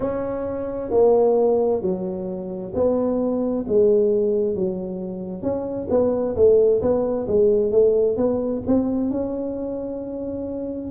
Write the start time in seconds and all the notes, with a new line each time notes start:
0.00 C#4
0.90 A#3
1.81 F#3
2.74 B3
3.67 G#3
4.55 F#3
5.42 C#4
5.90 B3
6.36 A3
6.81 B3
7.27 G#3
7.71 A3
8.17 B3
8.67 C4
9.10 C#4